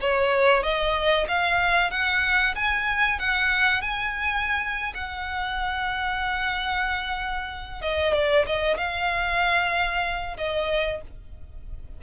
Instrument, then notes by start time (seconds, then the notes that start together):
violin
0.00 C#5
0.63 D#5
1.28 F5
1.91 F#5
2.55 G#5
3.19 F#5
3.81 G#5
4.94 F#5
7.81 D#5
8.14 D5
8.46 D#5
8.77 F5
10.37 D#5